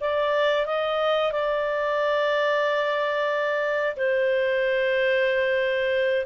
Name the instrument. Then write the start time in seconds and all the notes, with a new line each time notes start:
clarinet
0.00 D5
0.66 D#5
1.32 D5
3.96 C5